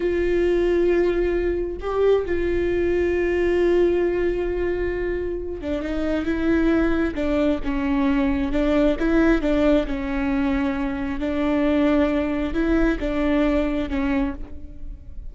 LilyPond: \new Staff \with { instrumentName = "viola" } { \time 4/4 \tempo 4 = 134 f'1 | g'4 f'2.~ | f'1~ | f'8 d'8 dis'4 e'2 |
d'4 cis'2 d'4 | e'4 d'4 cis'2~ | cis'4 d'2. | e'4 d'2 cis'4 | }